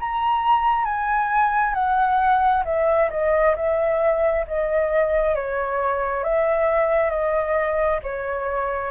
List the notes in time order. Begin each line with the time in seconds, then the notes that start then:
0.00 A#5
0.85 G#5
1.74 F#5
2.65 E5
3.11 D#5
3.56 E5
4.47 D#5
5.35 C#5
6.24 E5
7.10 D#5
8.03 C#5